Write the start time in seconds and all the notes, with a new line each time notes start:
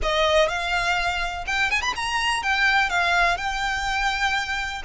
0.02 D#5
0.48 F5
1.46 G5
1.70 G#5
1.81 B5
1.95 A#5
2.42 G5
2.89 F5
3.37 G5